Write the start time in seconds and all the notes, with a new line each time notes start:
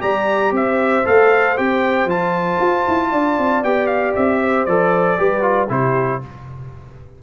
0.00 G3 G4 D5 A#5
0.51 C4 C5 E5
1.04 A3 A4 F5
1.56 C4 G4 G5
2.05 F3 F4 A5
2.60 F4
2.88 E4
3.10 D4 D5
3.38 C4
3.63 B3 G4 G5
3.86 F5
4.15 C4 E5
4.41 C5
4.65 F3 A4 D5
5.17 G3 G4 B4
5.41 F4
5.69 C3 E4 G4 C5